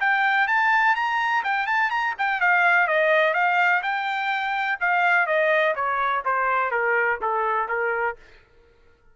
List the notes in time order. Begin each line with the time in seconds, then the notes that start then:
0.00 G5
0.47 A5
0.95 A#5
1.44 G5
1.67 A5
1.90 A#5
2.18 G5
2.41 F5
2.87 D#5
3.34 F5
3.83 G5
4.80 F5
5.26 D#5
5.75 C#5
6.25 C5
6.71 A#4
7.21 A4
7.68 A#4